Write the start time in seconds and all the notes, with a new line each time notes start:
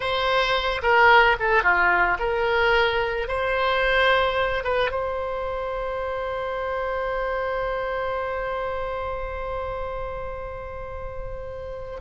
0.00 C5
0.82 A#4
1.39 A4
1.63 F4
2.19 A#4
3.28 C5
4.64 B4
4.91 C5